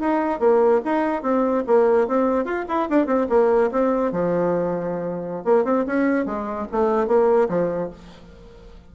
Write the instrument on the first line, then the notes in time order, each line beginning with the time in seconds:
bassoon
0.00 D#4
0.40 A#3
0.85 D#4
1.23 C4
1.67 A#3
2.08 C4
2.45 F4
2.69 E4
2.90 D4
3.07 C4
3.30 A#3
3.72 C4
4.12 F3
5.45 A#3
5.65 C4
5.87 C#4
6.26 G#3
6.72 A3
7.08 A#3
7.49 F3